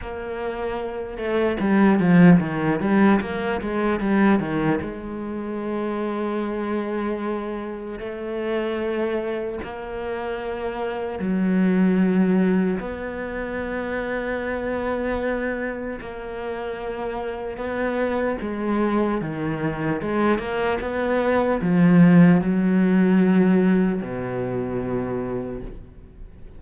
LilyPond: \new Staff \with { instrumentName = "cello" } { \time 4/4 \tempo 4 = 75 ais4. a8 g8 f8 dis8 g8 | ais8 gis8 g8 dis8 gis2~ | gis2 a2 | ais2 fis2 |
b1 | ais2 b4 gis4 | dis4 gis8 ais8 b4 f4 | fis2 b,2 | }